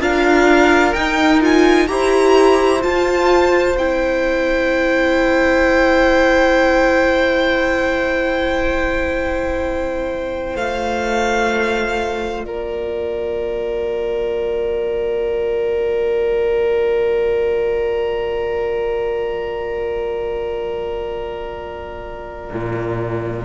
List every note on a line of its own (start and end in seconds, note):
0.00 0.94 D4
0.00 0.94 F4
0.00 1.88 A#4
0.00 0.94 F5
0.94 1.89 D#4
0.94 1.42 D#4
0.94 1.40 G5
1.42 1.88 F4
1.42 1.88 G#5
1.88 2.84 E4
1.88 2.81 G4
1.88 12.46 C5
1.88 2.82 A#5
2.81 3.74 F4
2.81 3.78 F4
2.81 3.77 A5
3.78 10.56 C4
3.78 10.59 E4
3.78 10.57 G5
10.56 12.43 A3
10.56 23.45 F4
10.56 12.44 F5
12.43 22.51 A#3
12.43 23.45 A#4
12.43 23.45 D5
22.54 23.45 A#2